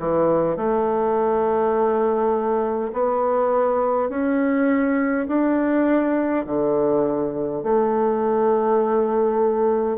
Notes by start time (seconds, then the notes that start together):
0.00 E3
0.57 A3
2.93 B3
4.10 C#4
5.28 D4
6.46 D3
7.63 A3